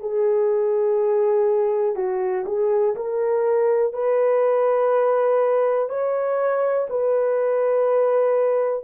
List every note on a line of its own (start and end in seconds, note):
0.00 1.95 G#4
1.95 2.45 F#4
2.46 2.95 G#4
2.96 3.93 A#4
3.93 5.89 B4
5.89 6.88 C#5
6.90 8.83 B4